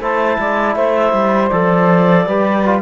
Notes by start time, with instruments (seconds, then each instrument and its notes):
0.00 cello A3, trombone E4, saxophone C5, clarinet A5
0.39 cello G#3, saxophone D5
0.75 cello A3, saxophone C5, clarinet E5
1.13 cello G3
1.48 cello F3, trombone A4, clarinet D5
2.26 cello G3, trombone G4, saxophone B4
2.66 trombone F4